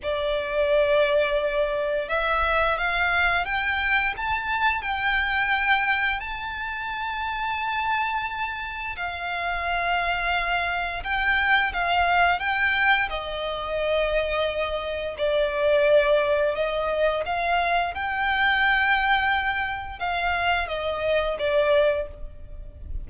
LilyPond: \new Staff \with { instrumentName = "violin" } { \time 4/4 \tempo 4 = 87 d''2. e''4 | f''4 g''4 a''4 g''4~ | g''4 a''2.~ | a''4 f''2. |
g''4 f''4 g''4 dis''4~ | dis''2 d''2 | dis''4 f''4 g''2~ | g''4 f''4 dis''4 d''4 | }